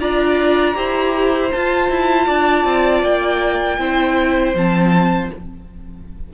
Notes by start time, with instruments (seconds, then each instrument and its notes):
0.00 cello D4, viola F4, violin D5 A#5
0.75 cello E4, viola G4, violin C5
1.53 viola F4, cello F4, violin A5
1.90 cello E4
2.26 cello D4, violin D5
2.65 cello C4
3.03 cello A#3, violin G5
3.79 cello C4, viola E4, violin C5
4.55 cello F3, viola C4, violin A5